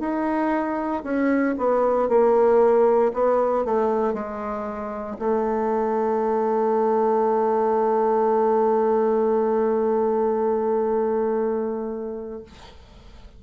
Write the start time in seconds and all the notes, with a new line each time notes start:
0.00 D#4
1.04 C#4
1.58 B3
2.09 A#3
3.14 B3
3.65 A3
4.14 G#3
5.19 A3